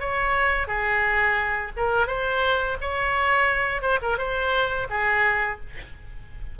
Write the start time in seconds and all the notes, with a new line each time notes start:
0.00 C#5
0.68 G#4
1.77 A#4
2.07 C5
2.81 C#5
3.82 C5
4.02 A#4
4.18 C5
4.90 G#4